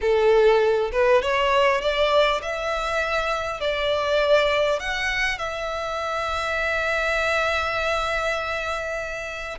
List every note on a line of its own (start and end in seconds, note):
0.01 0.91 A4
0.92 1.22 B4
1.22 1.81 C#5
1.81 2.41 D5
2.42 3.60 E5
3.60 4.79 D5
4.79 5.38 F#5
5.38 9.58 E5